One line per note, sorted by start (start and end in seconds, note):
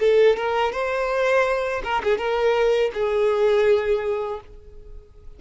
0.00 0.37 A4
0.37 0.73 A#4
0.73 1.82 C5
1.84 2.02 A#4
2.04 2.18 G#4
2.18 2.91 A#4
2.94 4.40 G#4